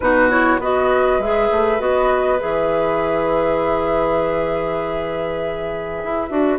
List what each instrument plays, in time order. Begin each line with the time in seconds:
0.00 bassoon B2, clarinet D#4, oboe F#4, flute B4
0.29 clarinet E4, flute C#5
0.59 bassoon B3, clarinet F#4, oboe B4, flute D#5
1.18 bassoon G#3, clarinet G#4, flute E5
1.51 bassoon A3
1.79 bassoon B3, clarinet F#4, flute D#5
2.39 bassoon E3, clarinet G#4, flute E5
6.04 bassoon E4
6.29 bassoon D4, clarinet F#4